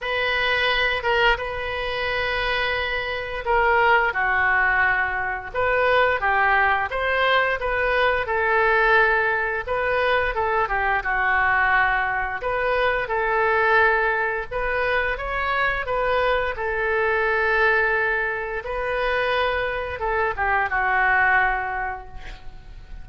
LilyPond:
\new Staff \with { instrumentName = "oboe" } { \time 4/4 \tempo 4 = 87 b'4. ais'8 b'2~ | b'4 ais'4 fis'2 | b'4 g'4 c''4 b'4 | a'2 b'4 a'8 g'8 |
fis'2 b'4 a'4~ | a'4 b'4 cis''4 b'4 | a'2. b'4~ | b'4 a'8 g'8 fis'2 | }